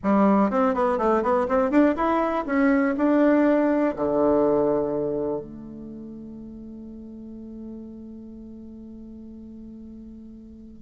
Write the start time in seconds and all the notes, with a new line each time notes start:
0.03 G3
0.50 C4
0.74 B3
0.98 A3
1.22 B3
1.48 C4
1.70 D4
1.96 E4
2.46 C#4
2.97 D4
3.96 D3
5.40 A3